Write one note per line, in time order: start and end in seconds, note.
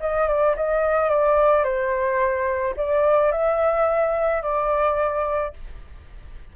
0.00 0.27 D#5
0.27 0.55 D5
0.56 1.09 D#5
1.09 1.63 D5
1.63 2.74 C5
2.76 3.32 D5
3.32 4.42 E5
4.42 5.53 D5